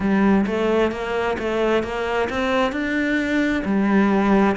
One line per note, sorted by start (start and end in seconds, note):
0.00 0.45 G3
0.46 0.91 A3
0.91 1.37 A#3
1.38 1.83 A3
1.83 2.29 A#3
2.29 2.71 C4
2.71 3.62 D4
3.64 4.55 G3